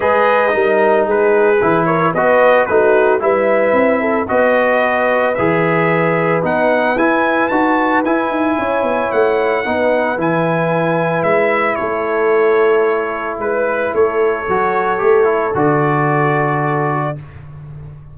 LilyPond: <<
  \new Staff \with { instrumentName = "trumpet" } { \time 4/4 \tempo 4 = 112 dis''2 b'4. cis''8 | dis''4 b'4 e''2 | dis''2 e''2 | fis''4 gis''4 a''4 gis''4~ |
gis''4 fis''2 gis''4~ | gis''4 e''4 cis''2~ | cis''4 b'4 cis''2~ | cis''4 d''2. | }
  \new Staff \with { instrumentName = "horn" } { \time 4/4 b'4 ais'4 gis'4. ais'8 | b'4 fis'4 b'4. a'8 | b'1~ | b'1 |
cis''2 b'2~ | b'2 a'2~ | a'4 b'4 a'2~ | a'1 | }
  \new Staff \with { instrumentName = "trombone" } { \time 4/4 gis'4 dis'2 e'4 | fis'4 dis'4 e'2 | fis'2 gis'2 | dis'4 e'4 fis'4 e'4~ |
e'2 dis'4 e'4~ | e'1~ | e'2. fis'4 | g'8 e'8 fis'2. | }
  \new Staff \with { instrumentName = "tuba" } { \time 4/4 gis4 g4 gis4 e4 | b4 a4 g4 c'4 | b2 e2 | b4 e'4 dis'4 e'8 dis'8 |
cis'8 b8 a4 b4 e4~ | e4 gis4 a2~ | a4 gis4 a4 fis4 | a4 d2. | }
>>